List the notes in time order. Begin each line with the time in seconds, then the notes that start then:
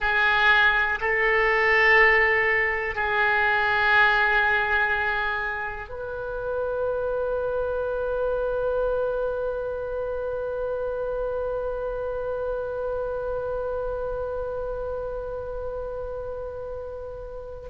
0.00 G#4
1.00 A4
2.95 G#4
5.89 B4